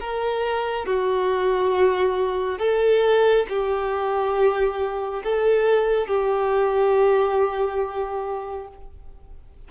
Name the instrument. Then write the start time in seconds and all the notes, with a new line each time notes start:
violin
0.00 A#4
0.86 F#4
2.59 A4
3.49 G4
5.24 A4
6.07 G4